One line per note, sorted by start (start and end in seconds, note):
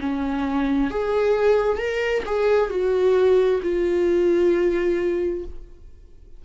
0.00 0.90 C#4
0.90 1.77 G#4
1.77 2.23 A#4
2.26 2.70 G#4
2.70 3.61 F#4
3.63 5.45 F4